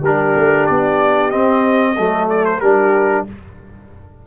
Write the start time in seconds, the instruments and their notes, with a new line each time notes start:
0.00 tuba G3, trombone D4, horn G4, trumpet A#4
0.36 tuba A3
0.66 tuba B3, trumpet D5
1.31 trombone C4, tuba C4, trumpet D#5
1.97 tuba F#3, trombone A3, horn A4
2.29 trumpet D5
2.45 trumpet C5
2.60 tuba G3, trombone D4, horn G4, trumpet A#4